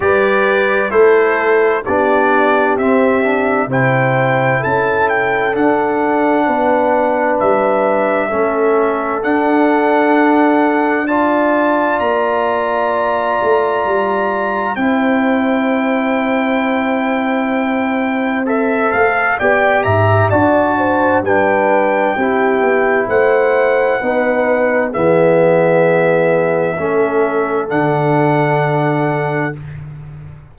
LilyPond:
<<
  \new Staff \with { instrumentName = "trumpet" } { \time 4/4 \tempo 4 = 65 d''4 c''4 d''4 e''4 | g''4 a''8 g''8 fis''2 | e''2 fis''2 | a''4 ais''2. |
g''1 | e''8 f''8 g''8 ais''8 a''4 g''4~ | g''4 fis''2 e''4~ | e''2 fis''2 | }
  \new Staff \with { instrumentName = "horn" } { \time 4/4 b'4 a'4 g'2 | c''4 a'2 b'4~ | b'4 a'2. | d''1 |
c''1~ | c''4 d''8 e''8 d''8 c''8 b'4 | g'4 c''4 b'4 gis'4~ | gis'4 a'2. | }
  \new Staff \with { instrumentName = "trombone" } { \time 4/4 g'4 e'4 d'4 c'8 d'8 | e'2 d'2~ | d'4 cis'4 d'2 | f'1 |
e'1 | a'4 g'4 fis'4 d'4 | e'2 dis'4 b4~ | b4 cis'4 d'2 | }
  \new Staff \with { instrumentName = "tuba" } { \time 4/4 g4 a4 b4 c'4 | c4 cis'4 d'4 b4 | g4 a4 d'2~ | d'4 ais4. a8 g4 |
c'1~ | c'8 a8 b8 gis,8 d'4 g4 | c'8 b8 a4 b4 e4~ | e4 a4 d2 | }
>>